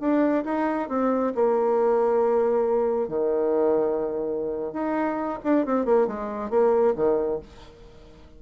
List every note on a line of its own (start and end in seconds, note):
0.00 0.44 D4
0.45 0.89 D#4
0.89 1.33 C4
1.35 3.08 A#3
3.08 4.73 D#3
4.73 5.39 D#4
5.44 5.66 D4
5.66 5.86 C4
5.86 6.08 A#3
6.08 6.50 G#3
6.50 6.94 A#3
6.96 7.40 D#3